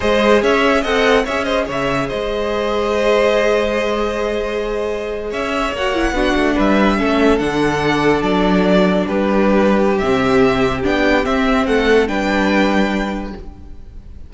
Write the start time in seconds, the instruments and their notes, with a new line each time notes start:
0.00 cello G#3, viola G#4, violin C5 D#5
0.41 cello C#4, violin C#5 E5
0.81 cello C4, viola A4, violin D#5 F#5
1.24 cello C#4, viola G#4, violin C#5 E5
1.44 violin C5 D#5
1.66 cello C#3, violin C#5 E5
2.07 cello G#3, violin C5 D#5
5.30 cello C#4, violin C#5 E5
5.71 cello A#3, viola F#4, violin F#5
5.94 viola E4
6.12 cello B3, viola D4, violin F#4
6.35 cello A3
6.55 cello G3, violin B4 E5
6.98 cello A3, viola C#4, violin A4
7.39 cello D3, viola D4, violin F#5
8.22 cello F#3, violin D5
9.06 cello G3, violin G4 B4
9.98 cello C3, viola C4, violin E5
10.83 cello B3, viola D4, violin G5
11.24 viola C4, cello C4, violin E5
11.66 cello A3, violin A4 F#5
12.07 cello G3, viola D4, violin B4 G5